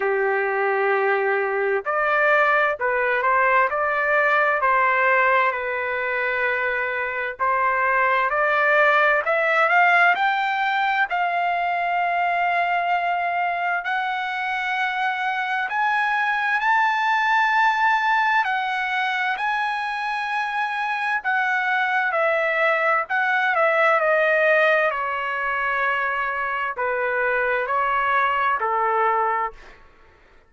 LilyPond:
\new Staff \with { instrumentName = "trumpet" } { \time 4/4 \tempo 4 = 65 g'2 d''4 b'8 c''8 | d''4 c''4 b'2 | c''4 d''4 e''8 f''8 g''4 | f''2. fis''4~ |
fis''4 gis''4 a''2 | fis''4 gis''2 fis''4 | e''4 fis''8 e''8 dis''4 cis''4~ | cis''4 b'4 cis''4 a'4 | }